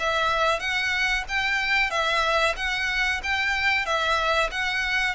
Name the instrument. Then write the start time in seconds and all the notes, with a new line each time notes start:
violin
0.00 E5
0.60 F#5
1.29 G5
1.91 E5
2.57 F#5
3.23 G5
3.86 E5
4.52 F#5